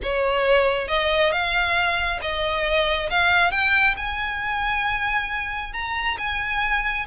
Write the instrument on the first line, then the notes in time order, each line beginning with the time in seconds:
violin
0.02 C#5
0.88 D#5
1.32 F5
2.21 D#5
3.10 F5
3.51 G5
3.96 G#5
5.73 A#5
6.18 G#5